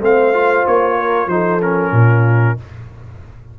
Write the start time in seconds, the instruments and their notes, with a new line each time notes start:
0.00 tuba A3, trombone C4, horn C5, trumpet F5
0.34 trombone F4
0.67 tuba A#3, trumpet C#5
0.97 horn A#4
1.27 tuba F3, trombone D#4, horn A4, trumpet C5
1.61 trombone C#4, trumpet A#4
1.92 tuba A#2, horn F4